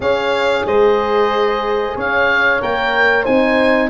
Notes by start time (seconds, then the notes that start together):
0.00 C#4 G#4 C#5 F5
0.64 G#3 C5 D#5
1.95 C#4 C#5 F5
2.61 A#3 A#4 G5
3.22 C4 D#4 C5 G#5